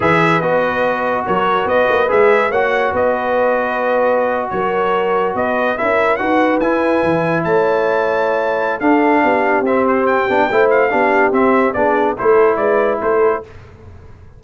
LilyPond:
<<
  \new Staff \with { instrumentName = "trumpet" } { \time 4/4 \tempo 4 = 143 e''4 dis''2 cis''4 | dis''4 e''4 fis''4 dis''4~ | dis''2~ dis''8. cis''4~ cis''16~ | cis''8. dis''4 e''4 fis''4 gis''16~ |
gis''4.~ gis''16 a''2~ a''16~ | a''4 f''2 e''8 c''8 | g''4. f''4. e''4 | d''4 c''4 d''4 c''4 | }
  \new Staff \with { instrumentName = "horn" } { \time 4/4 b'2. ais'4 | b'2 cis''4 b'4~ | b'2~ b'8. ais'4~ ais'16~ | ais'8. b'4 ais'4 b'4~ b'16~ |
b'4.~ b'16 cis''2~ cis''16~ | cis''4 a'4 g'2~ | g'4 c''4 g'2 | gis'4 a'4 b'4 a'4 | }
  \new Staff \with { instrumentName = "trombone" } { \time 4/4 gis'4 fis'2.~ | fis'4 gis'4 fis'2~ | fis'1~ | fis'4.~ fis'16 e'4 fis'4 e'16~ |
e'1~ | e'4 d'2 c'4~ | c'8 d'8 e'4 d'4 c'4 | d'4 e'2. | }
  \new Staff \with { instrumentName = "tuba" } { \time 4/4 e4 b2 fis4 | b8 ais8 gis4 ais4 b4~ | b2~ b8. fis4~ fis16~ | fis8. b4 cis'4 dis'4 e'16~ |
e'8. e4 a2~ a16~ | a4 d'4 b4 c'4~ | c'8 b8 a4 b4 c'4 | b4 a4 gis4 a4 | }
>>